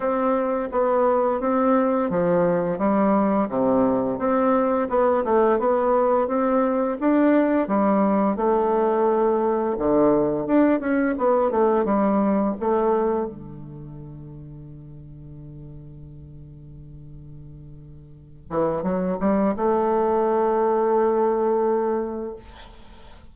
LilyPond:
\new Staff \with { instrumentName = "bassoon" } { \time 4/4 \tempo 4 = 86 c'4 b4 c'4 f4 | g4 c4 c'4 b8 a8 | b4 c'4 d'4 g4 | a2 d4 d'8 cis'8 |
b8 a8 g4 a4 d4~ | d1~ | d2~ d8 e8 fis8 g8 | a1 | }